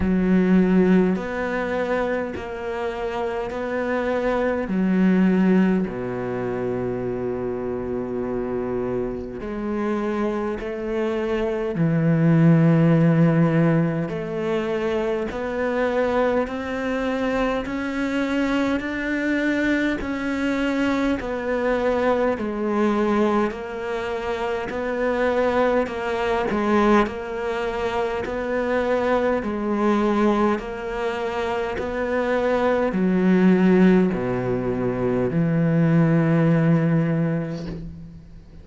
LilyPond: \new Staff \with { instrumentName = "cello" } { \time 4/4 \tempo 4 = 51 fis4 b4 ais4 b4 | fis4 b,2. | gis4 a4 e2 | a4 b4 c'4 cis'4 |
d'4 cis'4 b4 gis4 | ais4 b4 ais8 gis8 ais4 | b4 gis4 ais4 b4 | fis4 b,4 e2 | }